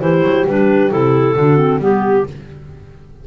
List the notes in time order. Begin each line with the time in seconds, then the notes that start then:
0.00 E3 E4 G4 C5
0.23 F#3
0.46 G3 D4 B4
0.90 C3 E4 A4
1.36 D3 D4 F#4
1.57 C4
1.78 G3 B3 G4